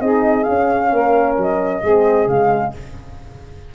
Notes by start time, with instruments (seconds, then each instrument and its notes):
0.00 tuba C4, horn D#4, saxophone G#4, flute D#5
0.43 tuba C#4, horn C#4, flute F5
0.91 tuba A#3, saxophone A#4
1.37 tuba F#3, flute D#5
1.82 tuba G#3, horn C4, saxophone G#4
2.26 tuba C#3, horn G#3, flute F5